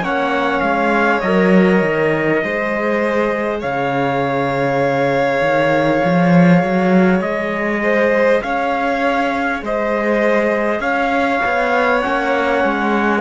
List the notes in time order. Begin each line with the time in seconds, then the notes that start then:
0.00 A#3 C#4 C#5 F#5
0.60 G#3 F5
1.21 F#3 A#4 D#5
1.81 D#3
2.44 G#3 G#4 C5
3.60 C#3 C#5 F5
5.41 D#3
6.05 F3
6.63 F#3
7.21 G#3 D#5
7.83 C5
8.42 C#4 C#5 F5
9.62 G#3 C5 D#5
10.80 C#4 C#5 F5
11.45 B3
12.01 A#3 C#4 F#5
12.64 G#3